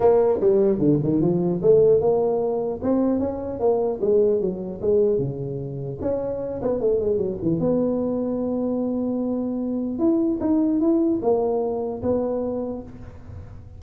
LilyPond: \new Staff \with { instrumentName = "tuba" } { \time 4/4 \tempo 4 = 150 ais4 g4 d8 dis8 f4 | a4 ais2 c'4 | cis'4 ais4 gis4 fis4 | gis4 cis2 cis'4~ |
cis'8 b8 a8 gis8 fis8 e8 b4~ | b1~ | b4 e'4 dis'4 e'4 | ais2 b2 | }